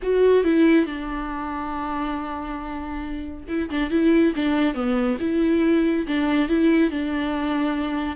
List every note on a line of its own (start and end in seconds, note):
0.02 0.43 F#4
0.43 0.86 E4
0.86 3.45 D4
3.48 3.69 E4
3.69 3.90 D4
3.90 4.33 E4
4.35 4.74 D4
4.74 5.17 B3
5.20 6.06 E4
6.07 6.49 D4
6.49 6.90 E4
6.90 8.16 D4